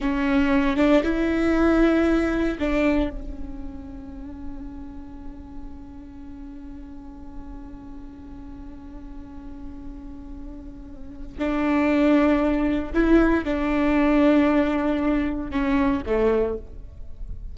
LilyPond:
\new Staff \with { instrumentName = "viola" } { \time 4/4 \tempo 4 = 116 cis'4. d'8 e'2~ | e'4 d'4 cis'2~ | cis'1~ | cis'1~ |
cis'1~ | cis'2 d'2~ | d'4 e'4 d'2~ | d'2 cis'4 a4 | }